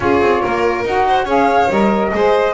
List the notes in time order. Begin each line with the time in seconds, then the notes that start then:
0.00 C#4 F4 G#4 C#5
0.21 C4
0.42 A#3 A#4
0.84 D#4 F#4 F#5
1.08 C5
1.24 C#4 G#4 C#5 F5
1.70 G3 A#4 D#5
2.11 G#3 G#4 C5